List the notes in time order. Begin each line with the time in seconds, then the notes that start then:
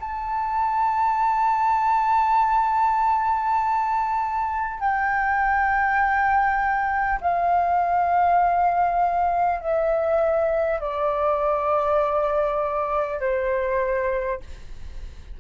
0.00 A5
4.80 G5
7.21 F5
9.61 E5
10.81 D5
13.21 C5